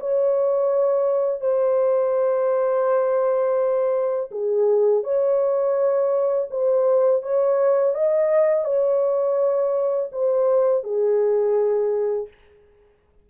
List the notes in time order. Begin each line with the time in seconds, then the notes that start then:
0.00 C#5
1.41 C5
4.31 G#4
5.03 C#5
6.51 C5
7.23 C#5
7.94 D#5
8.65 C#5
10.12 C5
10.83 G#4